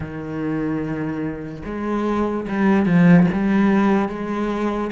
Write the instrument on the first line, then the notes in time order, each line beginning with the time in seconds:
cello
0.00 D#3
1.65 G#3
2.48 G3
2.85 F3
3.33 G3
4.08 G#3